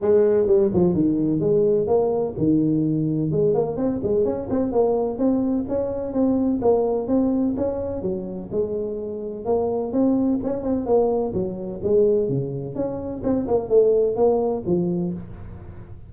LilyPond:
\new Staff \with { instrumentName = "tuba" } { \time 4/4 \tempo 4 = 127 gis4 g8 f8 dis4 gis4 | ais4 dis2 gis8 ais8 | c'8 gis8 cis'8 c'8 ais4 c'4 | cis'4 c'4 ais4 c'4 |
cis'4 fis4 gis2 | ais4 c'4 cis'8 c'8 ais4 | fis4 gis4 cis4 cis'4 | c'8 ais8 a4 ais4 f4 | }